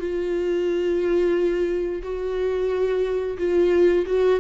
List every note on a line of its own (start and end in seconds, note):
0.00 2.02 F4
2.03 3.37 F#4
3.38 4.05 F4
4.06 4.40 F#4